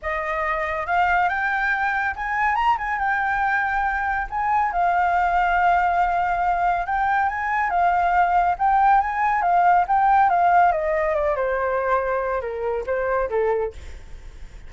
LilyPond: \new Staff \with { instrumentName = "flute" } { \time 4/4 \tempo 4 = 140 dis''2 f''4 g''4~ | g''4 gis''4 ais''8 gis''8 g''4~ | g''2 gis''4 f''4~ | f''1 |
g''4 gis''4 f''2 | g''4 gis''4 f''4 g''4 | f''4 dis''4 d''8 c''4.~ | c''4 ais'4 c''4 a'4 | }